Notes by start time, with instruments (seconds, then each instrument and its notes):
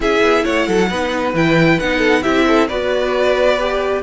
0.00 cello C#4, viola E4, violin G#4 E5
0.21 cello B3
0.44 cello A3, violin C#5 F#5
0.66 cello F#3, violin A4
0.89 cello B3, viola D#4, violin B4
1.33 cello E3, viola E4, violin G5
1.79 cello B3, viola D#4, violin F#5
1.98 violin A4
2.22 cello C4, viola E4, violin G4 E5
2.47 violin A4
2.67 cello B3, viola F#4, violin B4 D5
3.59 viola G4